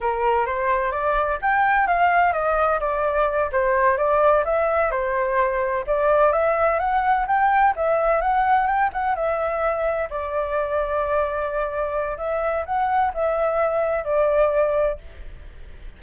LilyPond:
\new Staff \with { instrumentName = "flute" } { \time 4/4 \tempo 4 = 128 ais'4 c''4 d''4 g''4 | f''4 dis''4 d''4. c''8~ | c''8 d''4 e''4 c''4.~ | c''8 d''4 e''4 fis''4 g''8~ |
g''8 e''4 fis''4 g''8 fis''8 e''8~ | e''4. d''2~ d''8~ | d''2 e''4 fis''4 | e''2 d''2 | }